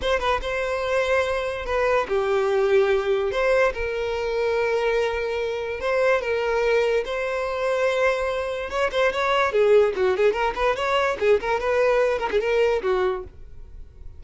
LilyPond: \new Staff \with { instrumentName = "violin" } { \time 4/4 \tempo 4 = 145 c''8 b'8 c''2. | b'4 g'2. | c''4 ais'2.~ | ais'2 c''4 ais'4~ |
ais'4 c''2.~ | c''4 cis''8 c''8 cis''4 gis'4 | fis'8 gis'8 ais'8 b'8 cis''4 gis'8 ais'8 | b'4. ais'16 gis'16 ais'4 fis'4 | }